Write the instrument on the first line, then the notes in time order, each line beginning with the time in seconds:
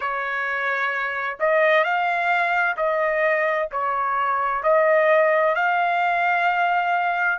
trumpet
0.00 C#5
1.39 D#5
1.83 F5
2.77 D#5
3.71 C#5
4.63 D#5
5.55 F5